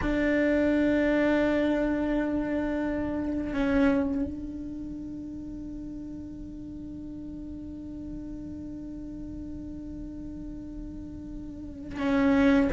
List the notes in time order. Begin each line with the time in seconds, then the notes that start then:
0.01 D4
3.53 C#4
4.24 D4
11.99 C#4